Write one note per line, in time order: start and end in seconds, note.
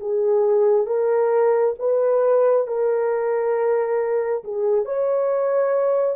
0.00 0.86 G#4
0.86 1.74 A#4
1.79 2.67 B4
2.67 4.44 A#4
4.44 4.85 G#4
4.85 6.16 C#5